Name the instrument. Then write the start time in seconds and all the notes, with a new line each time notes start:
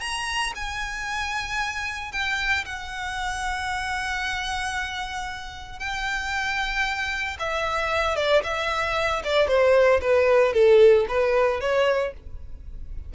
violin
0.00 A#5
0.55 G#5
2.12 G5
2.65 F#5
5.79 G5
7.39 E5
8.16 D5
8.44 E5
9.24 D5
9.48 C5
10.01 B4
10.53 A4
11.09 B4
11.61 C#5